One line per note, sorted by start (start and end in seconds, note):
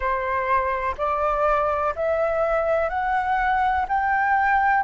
0.00 0.95 C5
0.97 1.94 D5
1.95 2.89 E5
2.89 3.85 F#5
3.88 4.83 G5